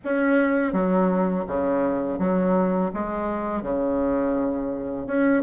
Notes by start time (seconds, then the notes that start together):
0.04 C#4
0.72 F#3
1.47 C#3
2.19 F#3
2.93 G#3
3.62 C#3
5.06 C#4